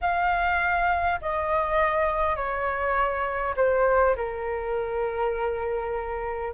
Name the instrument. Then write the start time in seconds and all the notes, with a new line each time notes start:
flute
0.01 F5
1.21 D#5
2.35 C#5
3.56 C5
4.16 A#4